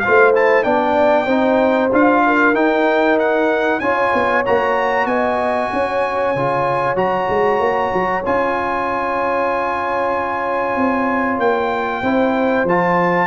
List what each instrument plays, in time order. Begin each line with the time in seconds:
0.00 trombone F4, horn C5, trumpet F5
0.08 tuba A3
0.35 trombone E4, trumpet A5
0.64 tuba B3, trombone D4, horn D5, trumpet G5
1.26 tuba C4, trombone D#4, horn C5
1.92 tuba D4, trombone F4, trumpet F5
2.27 horn A#4
2.54 tuba D#4, trombone D#4, trumpet G5
3.19 trumpet F#5
3.80 tuba C#4, trombone F4, horn C#5, trumpet G#5
4.14 tuba B3
4.46 tuba A#3, trombone F#4, trumpet A#5
5.06 tuba B3, horn D#5, trumpet G#5
5.73 tuba C#4, horn C#5
6.36 tuba C#3, trombone F4
6.96 tuba F#3, trombone F#4, trumpet A#5
7.29 tuba G#3
7.59 tuba A#3
7.94 tuba F#3
8.25 tuba C#4, trombone F4, trumpet G#5
10.77 tuba C4
11.39 tuba A#3, trumpet G5
12.02 tuba C4, trombone E4, horn C5
12.64 tuba F3, trombone F4, trumpet A5